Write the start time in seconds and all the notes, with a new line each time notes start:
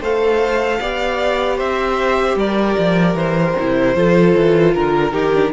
0.00 A3 A4 C5 F5
0.81 B3 G4 D5
1.57 C4 C5 E5
2.36 G3 A#4 D5
2.78 F3
3.14 E3 C5
3.58 C3 E4
3.95 F3 F4 A4
4.36 E3
4.73 D3 A#4
5.12 D#3 D#4 G4
5.34 D4